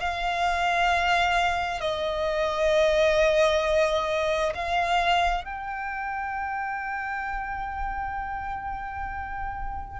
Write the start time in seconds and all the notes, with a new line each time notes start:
0.00 F5
1.81 D#5
4.55 F5
5.45 G5